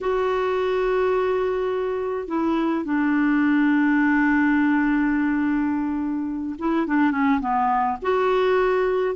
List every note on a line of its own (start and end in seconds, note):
0.01 2.27 F#4
2.27 2.84 E4
2.84 6.56 D4
6.59 6.86 E4
6.86 7.11 D4
7.11 7.39 C#4
7.40 7.97 B3
8.02 9.15 F#4